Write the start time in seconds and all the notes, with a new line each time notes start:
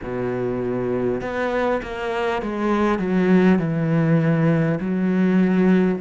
0.03 B2
1.21 B3
1.82 A#3
2.42 G#3
2.98 F#3
3.58 E3
4.80 F#3